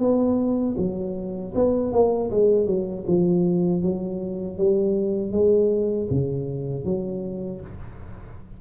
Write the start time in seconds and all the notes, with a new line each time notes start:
0.00 B3
0.78 F#3
1.55 B3
1.93 A#3
2.31 G#3
2.67 F#3
3.07 F3
3.83 F#3
4.58 G3
5.32 G#3
6.11 C#3
6.85 F#3